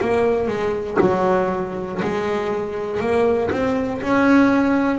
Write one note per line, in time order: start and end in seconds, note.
0.00 0.47 A#3
0.47 0.97 G#3
1.00 2.00 F#3
2.02 3.00 G#3
3.00 3.50 A#3
3.51 4.01 C4
4.02 4.98 C#4